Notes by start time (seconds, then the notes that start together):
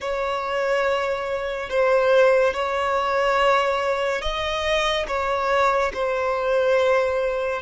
0.00 C#5
1.69 C5
2.54 C#5
4.21 D#5
5.07 C#5
5.93 C5